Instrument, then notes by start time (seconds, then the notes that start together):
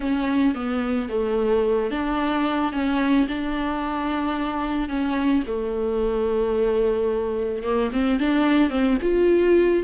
viola
0.00 C#4
0.54 B3
1.09 A3
1.90 D4
2.72 C#4
3.28 D4
4.88 C#4
5.46 A3
7.63 A#3
7.92 C4
8.19 D4
8.70 C4
9.01 F4